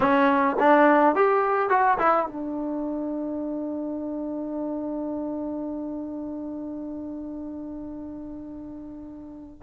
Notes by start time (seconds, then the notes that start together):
0.00 C#4
0.59 D4
1.15 G4
1.69 F#4
1.98 E4
2.26 D4